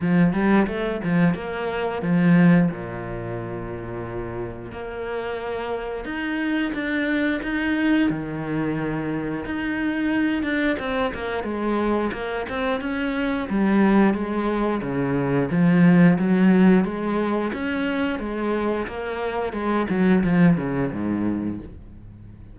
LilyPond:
\new Staff \with { instrumentName = "cello" } { \time 4/4 \tempo 4 = 89 f8 g8 a8 f8 ais4 f4 | ais,2. ais4~ | ais4 dis'4 d'4 dis'4 | dis2 dis'4. d'8 |
c'8 ais8 gis4 ais8 c'8 cis'4 | g4 gis4 cis4 f4 | fis4 gis4 cis'4 gis4 | ais4 gis8 fis8 f8 cis8 gis,4 | }